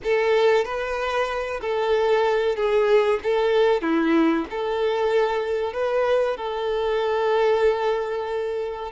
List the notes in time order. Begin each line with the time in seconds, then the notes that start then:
0.03 A4
0.64 B4
1.61 A4
2.55 G#4
3.23 A4
3.81 E4
4.50 A4
5.73 B4
6.37 A4